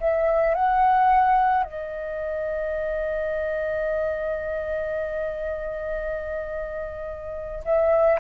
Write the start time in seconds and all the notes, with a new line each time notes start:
0.00 E5
0.55 F#5
1.64 D#5
7.65 E5